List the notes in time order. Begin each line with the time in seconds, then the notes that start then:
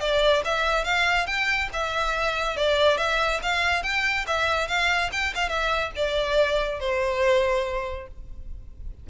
0.00 D5
0.44 E5
0.84 F5
1.26 G5
1.73 E5
2.57 D5
2.97 E5
3.42 F5
3.83 G5
4.27 E5
4.68 F5
5.12 G5
5.35 F5
5.49 E5
5.96 D5
6.79 C5